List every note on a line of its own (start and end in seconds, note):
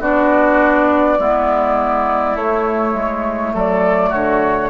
0.00 1.18 B3
0.00 1.19 D4
0.00 1.18 F#4
0.00 2.36 D5
1.19 2.35 G#3
1.19 2.37 B3
1.19 3.54 E4
2.35 2.94 A3
2.35 4.70 A3
2.35 3.54 C#5
2.94 3.52 G#3
3.54 4.12 F#3
3.54 4.09 A4
3.54 4.13 D5
4.09 4.70 D3
4.09 4.68 F#4
4.09 4.70 C#5